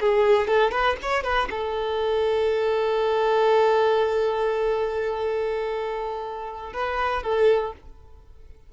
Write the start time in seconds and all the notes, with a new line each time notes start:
0.00 G#4
0.47 A4
0.71 B4
1.02 C#5
1.23 B4
1.50 A4
6.73 B4
7.22 A4